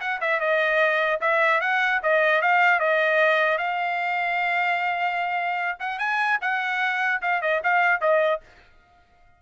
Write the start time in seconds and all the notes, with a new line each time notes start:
0.00 F#5
0.20 E5
0.39 D#5
1.21 E5
1.61 F#5
2.03 D#5
2.41 F5
2.79 D#5
3.57 F5
5.79 F#5
5.98 G#5
6.41 F#5
7.21 F5
7.41 D#5
7.63 F5
8.00 D#5